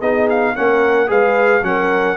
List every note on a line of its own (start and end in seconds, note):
0.00 0.56 B3
0.00 0.56 D#4
0.00 0.54 G#4
0.00 0.28 D#5
0.30 0.56 F5
0.56 1.10 A#3
0.56 1.07 C#4
0.56 1.10 A#4
0.56 1.10 F#5
1.07 1.63 G#3
1.07 1.61 G#4
1.07 1.64 B4
1.07 1.64 F5
1.63 2.17 F#3
1.63 2.17 C#4
1.63 2.17 A#4
1.63 2.17 F#5